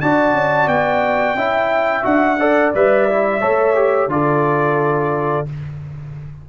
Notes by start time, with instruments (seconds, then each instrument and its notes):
0.00 tuba D4, trombone F#4, horn D5, trumpet A5
0.33 tuba C#4
0.67 tuba B3, trumpet G5
1.35 tuba C#4, trombone E4, horn E5
2.02 tuba D4, trombone F#4, trumpet F#5
2.39 trombone A4, horn D5
2.74 tuba G3, trombone B4, trumpet E5
3.09 trombone E4
3.41 tuba A3, trombone A4, horn C#5
3.75 trombone G4
4.07 tuba D3, trombone F4, horn A4, trumpet D5